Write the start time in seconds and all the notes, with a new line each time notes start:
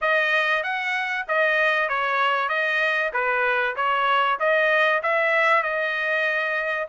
0.01 D#5
0.63 F#5
1.28 D#5
1.88 C#5
2.48 D#5
3.13 B4
3.76 C#5
4.39 D#5
5.02 E5
5.62 D#5